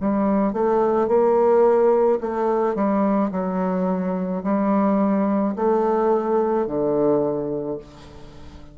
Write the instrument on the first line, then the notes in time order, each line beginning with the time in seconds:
bassoon
0.00 G3
0.53 A3
1.08 A#3
2.20 A3
2.75 G3
3.31 F#3
4.43 G3
5.56 A3
6.66 D3